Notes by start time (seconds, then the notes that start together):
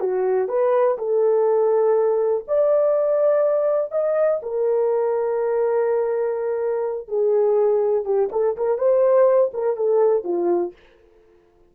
0.00 F#4
0.48 B4
0.98 A4
2.47 D5
3.92 D#5
4.42 A#4
7.08 G#4
8.05 G4
8.32 A4
8.57 A#4
8.78 C5
9.54 A#4
9.76 A4
10.24 F4